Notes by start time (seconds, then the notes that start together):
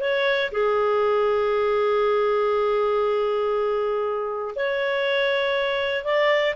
0.00 C#5
0.51 G#4
4.55 C#5
6.04 D5